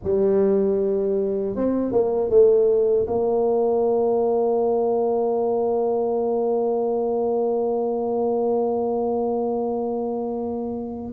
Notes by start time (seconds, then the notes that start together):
0.03 G3
1.55 C4
1.91 A#3
2.29 A3
3.06 A#3